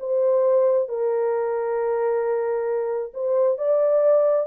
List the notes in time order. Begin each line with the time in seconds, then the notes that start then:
0.00 C5
0.89 A#4
3.14 C5
3.58 D5